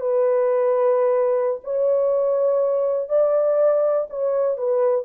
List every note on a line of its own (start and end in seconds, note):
0.00 1.60 B4
1.63 3.09 C#5
3.09 4.07 D5
4.10 4.57 C#5
4.57 5.05 B4